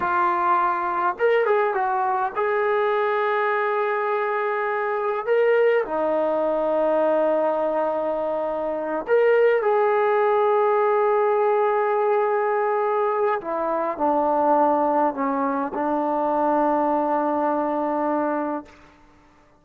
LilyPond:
\new Staff \with { instrumentName = "trombone" } { \time 4/4 \tempo 4 = 103 f'2 ais'8 gis'8 fis'4 | gis'1~ | gis'4 ais'4 dis'2~ | dis'2.~ dis'8 ais'8~ |
ais'8 gis'2.~ gis'8~ | gis'2. e'4 | d'2 cis'4 d'4~ | d'1 | }